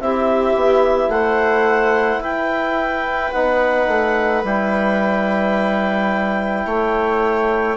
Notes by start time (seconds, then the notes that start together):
0.00 C4 E4 G4 E5
0.55 B3
1.08 A3 C5 F#5
2.19 E4 B4 G5
3.32 B3 D#4 F#5
3.87 A3
4.44 G3 E4 G5
6.65 A3 C#5